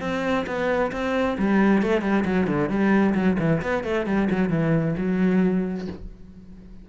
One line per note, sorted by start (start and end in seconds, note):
0.00 0.45 C4
0.46 0.91 B3
0.91 1.37 C4
1.38 1.82 G3
1.82 2.01 A3
2.01 2.24 G3
2.25 2.46 F#3
2.46 2.69 D3
2.69 3.14 G3
3.14 3.37 F#3
3.39 3.61 E3
3.62 3.84 B3
3.84 4.06 A3
4.06 4.28 G3
4.30 4.49 F#3
4.49 4.94 E3
4.97 5.87 F#3